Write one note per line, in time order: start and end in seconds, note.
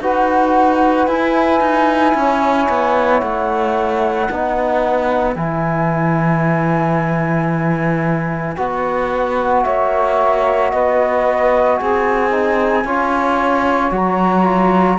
0.00 1.07 D#4
0.00 1.08 F#4
0.00 2.16 B4
0.00 1.06 F#5
1.06 1.60 E4
1.06 4.30 E4
1.06 3.18 G#5
1.60 2.13 D#4
2.14 2.68 C#4
2.14 4.29 C#5
2.68 3.21 B3
3.18 4.29 A3
3.18 5.33 F#5
4.29 5.35 B3
4.29 5.35 D#4
4.29 9.63 B4
5.35 8.56 E3
5.35 8.56 E4
5.35 8.56 G#5
8.56 9.64 B3
8.56 12.30 F#4
8.56 9.63 F#5
9.63 10.73 A#3
9.63 10.71 C#5
9.63 10.70 E5
10.70 11.80 B3
10.70 11.78 B4
10.70 11.77 D#5
11.77 12.84 C4
11.77 12.83 G#4
11.77 13.91 G#5
12.30 12.84 D#4
12.83 13.91 C#4
12.83 13.91 F4
12.83 14.98 C#5
13.91 14.98 F#3
13.91 14.44 F#4
13.91 14.98 A#5
14.44 14.98 F4